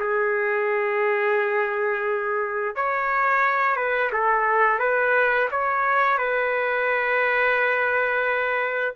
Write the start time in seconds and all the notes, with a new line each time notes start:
0.00 G#4
2.76 C#5
3.77 B4
4.13 A4
4.80 B4
5.51 C#5
6.18 B4